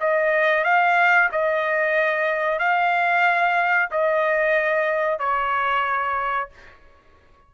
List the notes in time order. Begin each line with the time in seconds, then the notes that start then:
0.00 D#5
0.64 F5
1.32 D#5
2.59 F5
3.91 D#5
5.19 C#5